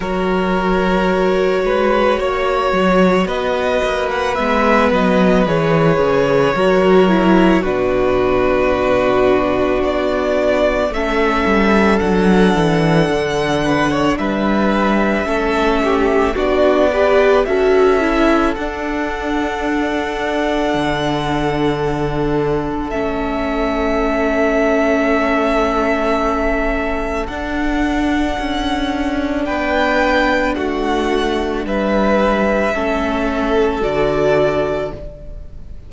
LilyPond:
<<
  \new Staff \with { instrumentName = "violin" } { \time 4/4 \tempo 4 = 55 cis''2. dis''8. fis''16 | e''8 dis''8 cis''2 b'4~ | b'4 d''4 e''4 fis''4~ | fis''4 e''2 d''4 |
e''4 fis''2.~ | fis''4 e''2.~ | e''4 fis''2 g''4 | fis''4 e''2 d''4 | }
  \new Staff \with { instrumentName = "violin" } { \time 4/4 ais'4. b'8 cis''4 b'4~ | b'2 ais'4 fis'4~ | fis'2 a'2~ | a'8 b'16 cis''16 b'4 a'8 g'8 fis'8 b'8 |
a'1~ | a'1~ | a'2. b'4 | fis'4 b'4 a'2 | }
  \new Staff \with { instrumentName = "viola" } { \time 4/4 fis'1 | b4 gis'4 fis'8 e'8 d'4~ | d'2 cis'4 d'4~ | d'2 cis'4 d'8 g'8 |
fis'8 e'8 d'2.~ | d'4 cis'2.~ | cis'4 d'2.~ | d'2 cis'4 fis'4 | }
  \new Staff \with { instrumentName = "cello" } { \time 4/4 fis4. gis8 ais8 fis8 b8 ais8 | gis8 fis8 e8 cis8 fis4 b,4~ | b,4 b4 a8 g8 fis8 e8 | d4 g4 a4 b4 |
cis'4 d'2 d4~ | d4 a2.~ | a4 d'4 cis'4 b4 | a4 g4 a4 d4 | }
>>